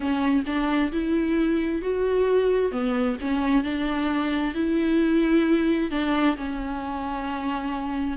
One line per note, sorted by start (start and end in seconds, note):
0.00 0.43 C#4
0.46 0.91 D4
0.92 1.81 E4
1.81 2.71 F#4
2.71 3.17 B3
3.20 3.63 C#4
3.63 4.54 D4
4.54 5.90 E4
5.90 6.36 D4
6.36 8.17 C#4